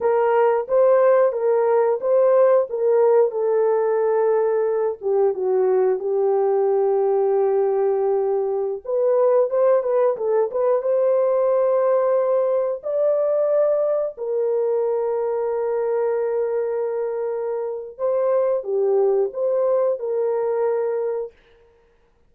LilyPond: \new Staff \with { instrumentName = "horn" } { \time 4/4 \tempo 4 = 90 ais'4 c''4 ais'4 c''4 | ais'4 a'2~ a'8 g'8 | fis'4 g'2.~ | g'4~ g'16 b'4 c''8 b'8 a'8 b'16~ |
b'16 c''2. d''8.~ | d''4~ d''16 ais'2~ ais'8.~ | ais'2. c''4 | g'4 c''4 ais'2 | }